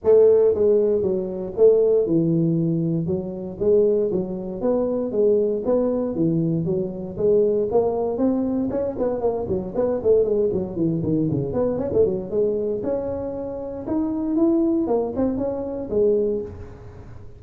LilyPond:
\new Staff \with { instrumentName = "tuba" } { \time 4/4 \tempo 4 = 117 a4 gis4 fis4 a4 | e2 fis4 gis4 | fis4 b4 gis4 b4 | e4 fis4 gis4 ais4 |
c'4 cis'8 b8 ais8 fis8 b8 a8 | gis8 fis8 e8 dis8 cis8 b8 cis'16 a16 fis8 | gis4 cis'2 dis'4 | e'4 ais8 c'8 cis'4 gis4 | }